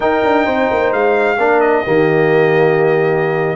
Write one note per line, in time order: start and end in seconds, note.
0.00 1.37 D#4
0.00 0.23 D#4
0.00 0.45 A#4
0.00 0.92 G5
0.23 0.46 D4
0.45 0.69 C4
0.45 1.37 C5
0.70 0.93 A#3
0.92 1.38 G#3
0.92 1.60 F5
1.38 1.84 A#3
1.38 1.85 D4
1.38 1.84 A#4
1.60 3.55 D#5
1.84 3.55 D#3
1.84 3.55 A#3
1.84 3.55 G4